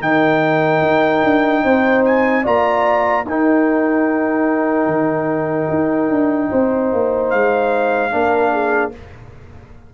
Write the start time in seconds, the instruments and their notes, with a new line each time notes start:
0.00 tuba D#3, trombone D#4, horn A#4, trumpet G5
0.81 tuba D#4
1.23 tuba D4
1.63 tuba C4, horn C5
2.05 trumpet G#5
2.43 tuba A#3, trombone F4, horn D5, trumpet A#5
3.25 tuba D#4, trombone D#4, horn A#4, trumpet G5
4.86 tuba D#3
5.69 tuba D#4
6.09 tuba D4
6.50 tuba C4, horn C5
6.92 tuba A#3
7.30 tuba G#3, trumpet F5
8.10 tuba A#3, trombone D4, horn A#4
8.52 horn G#4